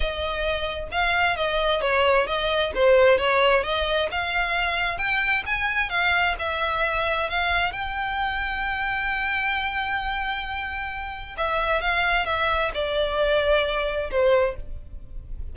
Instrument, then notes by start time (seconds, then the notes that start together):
violin
0.00 D#5
0.91 F5
1.36 D#5
1.81 C#5
2.26 D#5
2.74 C5
3.18 C#5
3.63 D#5
4.11 F5
4.98 G5
5.45 G#5
5.89 F5
6.38 E5
7.29 F5
7.72 G5
11.37 E5
11.81 F5
12.25 E5
12.74 D5
14.10 C5